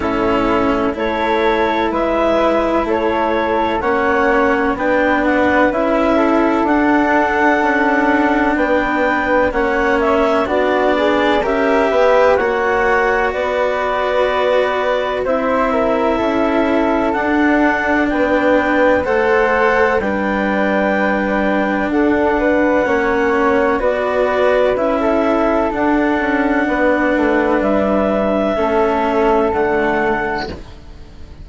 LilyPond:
<<
  \new Staff \with { instrumentName = "clarinet" } { \time 4/4 \tempo 4 = 63 a'4 cis''4 e''4 cis''4 | fis''4 g''8 fis''8 e''4 fis''4~ | fis''4 g''4 fis''8 e''8 d''4 | e''4 fis''4 d''2 |
e''2 fis''4 g''4 | fis''4 g''2 fis''4~ | fis''4 d''4 e''4 fis''4~ | fis''4 e''2 fis''4 | }
  \new Staff \with { instrumentName = "flute" } { \time 4/4 e'4 a'4 b'4 a'4 | cis''4 b'4. a'4.~ | a'4 b'4 cis''4 fis'8 gis'8 | ais'8 b'8 cis''4 b'2 |
c''8 ais'8 a'2 b'4 | c''4 b'2 a'8 b'8 | cis''4 b'4~ b'16 a'4.~ a'16 | b'2 a'2 | }
  \new Staff \with { instrumentName = "cello" } { \time 4/4 cis'4 e'2. | cis'4 d'4 e'4 d'4~ | d'2 cis'4 d'4 | g'4 fis'2. |
e'2 d'2 | a'4 d'2. | cis'4 fis'4 e'4 d'4~ | d'2 cis'4 a4 | }
  \new Staff \with { instrumentName = "bassoon" } { \time 4/4 a,4 a4 gis4 a4 | ais4 b4 cis'4 d'4 | cis'4 b4 ais4 b4 | cis'8 b8 ais4 b2 |
c'4 cis'4 d'4 b4 | a4 g2 d'4 | ais4 b4 cis'4 d'8 cis'8 | b8 a8 g4 a4 d4 | }
>>